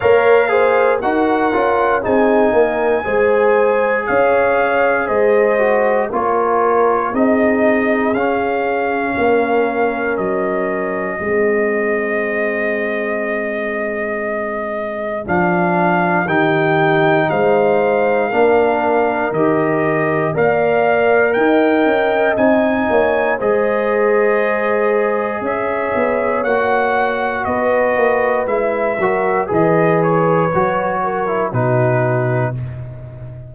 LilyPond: <<
  \new Staff \with { instrumentName = "trumpet" } { \time 4/4 \tempo 4 = 59 f''4 fis''4 gis''2 | f''4 dis''4 cis''4 dis''4 | f''2 dis''2~ | dis''2. f''4 |
g''4 f''2 dis''4 | f''4 g''4 gis''4 dis''4~ | dis''4 e''4 fis''4 dis''4 | e''4 dis''8 cis''4. b'4 | }
  \new Staff \with { instrumentName = "horn" } { \time 4/4 cis''8 c''8 ais'4 gis'8 ais'8 c''4 | cis''4 c''4 ais'4 gis'4~ | gis'4 ais'2 gis'4~ | gis'1 |
g'4 c''4 ais'2 | d''4 dis''4. cis''8 c''4~ | c''4 cis''2 b'4~ | b'8 ais'8 b'4. ais'8 fis'4 | }
  \new Staff \with { instrumentName = "trombone" } { \time 4/4 ais'8 gis'8 fis'8 f'8 dis'4 gis'4~ | gis'4. fis'8 f'4 dis'4 | cis'2. c'4~ | c'2. d'4 |
dis'2 d'4 g'4 | ais'2 dis'4 gis'4~ | gis'2 fis'2 | e'8 fis'8 gis'4 fis'8. e'16 dis'4 | }
  \new Staff \with { instrumentName = "tuba" } { \time 4/4 ais4 dis'8 cis'8 c'8 ais8 gis4 | cis'4 gis4 ais4 c'4 | cis'4 ais4 fis4 gis4~ | gis2. f4 |
dis4 gis4 ais4 dis4 | ais4 dis'8 cis'8 c'8 ais8 gis4~ | gis4 cis'8 b8 ais4 b8 ais8 | gis8 fis8 e4 fis4 b,4 | }
>>